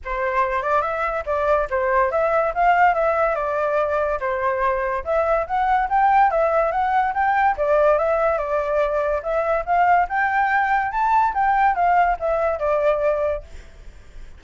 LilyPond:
\new Staff \with { instrumentName = "flute" } { \time 4/4 \tempo 4 = 143 c''4. d''8 e''4 d''4 | c''4 e''4 f''4 e''4 | d''2 c''2 | e''4 fis''4 g''4 e''4 |
fis''4 g''4 d''4 e''4 | d''2 e''4 f''4 | g''2 a''4 g''4 | f''4 e''4 d''2 | }